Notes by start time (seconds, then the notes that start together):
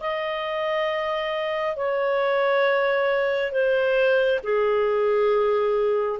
0.00 D#5
1.76 C#5
3.51 C5
4.43 G#4